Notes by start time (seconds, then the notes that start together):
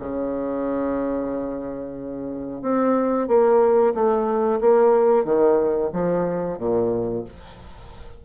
0.00 C#3
2.62 C4
3.28 A#3
3.95 A3
4.61 A#3
5.25 D#3
5.93 F3
6.59 A#2